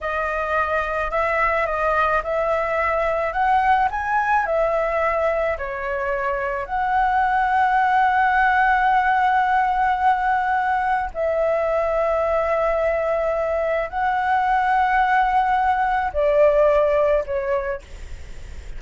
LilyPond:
\new Staff \with { instrumentName = "flute" } { \time 4/4 \tempo 4 = 108 dis''2 e''4 dis''4 | e''2 fis''4 gis''4 | e''2 cis''2 | fis''1~ |
fis''1 | e''1~ | e''4 fis''2.~ | fis''4 d''2 cis''4 | }